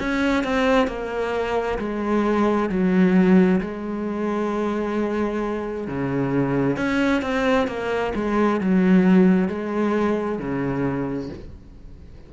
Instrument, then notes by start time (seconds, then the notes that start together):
cello
0.00 C#4
0.44 C4
0.88 A#3
1.79 G#3
2.69 F#3
3.61 G#3
5.87 C#3
6.77 C#4
7.22 C4
7.68 A#3
8.15 G#3
8.61 F#3
9.48 G#3
10.39 C#3